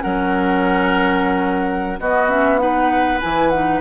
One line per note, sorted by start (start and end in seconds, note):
0.00 1.99 F#3
0.00 1.97 C#4
0.00 1.99 A#4
0.00 1.98 F#5
1.99 3.21 B3
1.99 2.29 B3
1.99 2.60 F#4
1.99 2.29 D#5
2.29 2.58 C#4
2.29 2.58 E5
2.58 3.18 D#4
2.58 3.81 B4
2.58 3.19 F#5
3.21 3.81 E3
3.21 3.51 E4
3.21 3.49 G#5
3.49 3.81 D#4
3.49 3.80 F#5